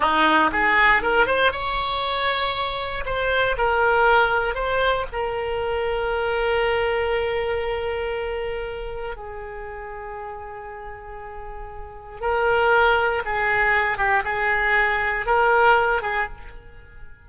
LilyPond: \new Staff \with { instrumentName = "oboe" } { \time 4/4 \tempo 4 = 118 dis'4 gis'4 ais'8 c''8 cis''4~ | cis''2 c''4 ais'4~ | ais'4 c''4 ais'2~ | ais'1~ |
ais'2 gis'2~ | gis'1 | ais'2 gis'4. g'8 | gis'2 ais'4. gis'8 | }